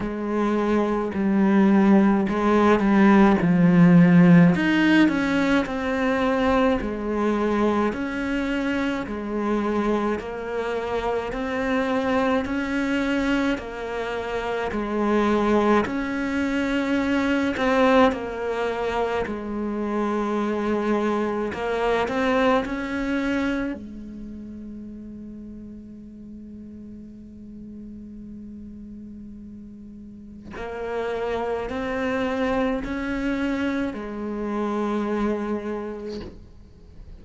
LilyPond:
\new Staff \with { instrumentName = "cello" } { \time 4/4 \tempo 4 = 53 gis4 g4 gis8 g8 f4 | dis'8 cis'8 c'4 gis4 cis'4 | gis4 ais4 c'4 cis'4 | ais4 gis4 cis'4. c'8 |
ais4 gis2 ais8 c'8 | cis'4 gis2.~ | gis2. ais4 | c'4 cis'4 gis2 | }